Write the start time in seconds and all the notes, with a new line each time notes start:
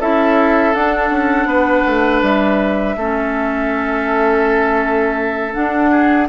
0.00 C#4 E4 A4 E5
0.74 D4 F#5
1.10 C#4
1.45 B3 B4
1.87 A3
2.22 G3 E5
2.96 A3 C#4 A4
5.54 D4 F#5
5.91 G#4